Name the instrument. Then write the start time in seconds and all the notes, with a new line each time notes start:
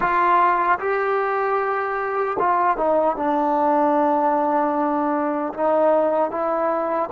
trombone
0.00 F4
0.79 G4
2.39 F4
2.77 D#4
3.16 D4
5.53 D#4
6.31 E4